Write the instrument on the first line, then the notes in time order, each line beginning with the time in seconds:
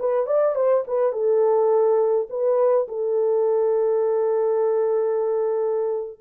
horn
0.00 B4
0.27 D5
0.55 C5
0.88 B4
1.13 A4
2.30 B4
2.88 A4